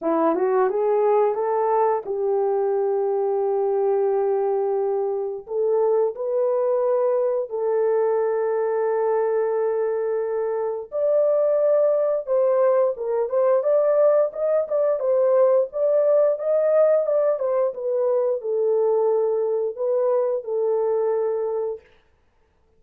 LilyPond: \new Staff \with { instrumentName = "horn" } { \time 4/4 \tempo 4 = 88 e'8 fis'8 gis'4 a'4 g'4~ | g'1 | a'4 b'2 a'4~ | a'1 |
d''2 c''4 ais'8 c''8 | d''4 dis''8 d''8 c''4 d''4 | dis''4 d''8 c''8 b'4 a'4~ | a'4 b'4 a'2 | }